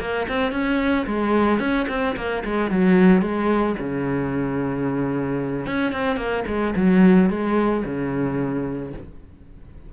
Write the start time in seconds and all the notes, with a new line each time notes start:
0.00 A#3
0.28 C4
0.51 C#4
1.06 G#3
1.59 C#4
1.88 C4
2.16 A#3
2.44 G#3
2.70 F#3
3.22 G#3
3.79 C#3
5.66 C#4
5.92 C4
6.16 A#3
6.47 G#3
6.76 F#3
7.29 G#3
7.85 C#3